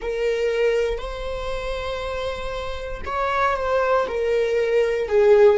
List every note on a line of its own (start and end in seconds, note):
0.01 0.98 A#4
0.98 3.01 C5
3.05 3.56 C#5
3.56 4.07 C5
4.08 5.08 A#4
5.08 5.58 G#4